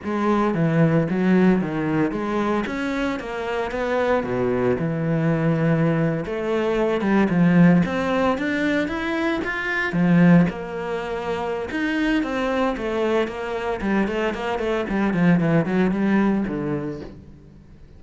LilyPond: \new Staff \with { instrumentName = "cello" } { \time 4/4 \tempo 4 = 113 gis4 e4 fis4 dis4 | gis4 cis'4 ais4 b4 | b,4 e2~ e8. a16~ | a4~ a16 g8 f4 c'4 d'16~ |
d'8. e'4 f'4 f4 ais16~ | ais2 dis'4 c'4 | a4 ais4 g8 a8 ais8 a8 | g8 f8 e8 fis8 g4 d4 | }